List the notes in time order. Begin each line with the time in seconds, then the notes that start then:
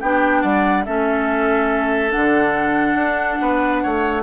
0.00 B3 D4 G4 G5
0.42 G3 D5 F#5
0.84 A3 C#4 A4 E5
2.10 D3 D4 F#5
2.95 D4
3.41 B3 B4
3.83 A3 C#5